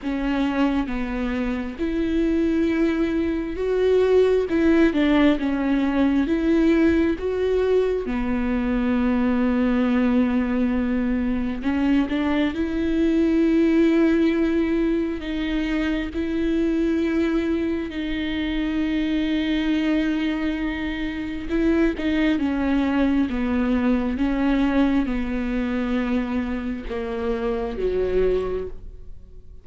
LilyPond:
\new Staff \with { instrumentName = "viola" } { \time 4/4 \tempo 4 = 67 cis'4 b4 e'2 | fis'4 e'8 d'8 cis'4 e'4 | fis'4 b2.~ | b4 cis'8 d'8 e'2~ |
e'4 dis'4 e'2 | dis'1 | e'8 dis'8 cis'4 b4 cis'4 | b2 ais4 fis4 | }